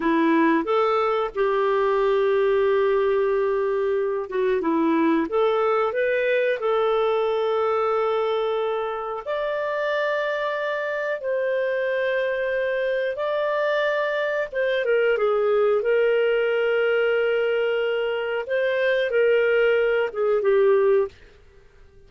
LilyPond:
\new Staff \with { instrumentName = "clarinet" } { \time 4/4 \tempo 4 = 91 e'4 a'4 g'2~ | g'2~ g'8 fis'8 e'4 | a'4 b'4 a'2~ | a'2 d''2~ |
d''4 c''2. | d''2 c''8 ais'8 gis'4 | ais'1 | c''4 ais'4. gis'8 g'4 | }